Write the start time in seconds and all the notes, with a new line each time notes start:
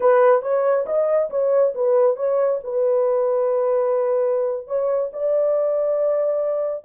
0.00 B4
0.42 C#5
0.86 D#5
1.29 C#5
1.74 B4
2.16 C#5
2.63 B4
4.67 C#5
5.12 D5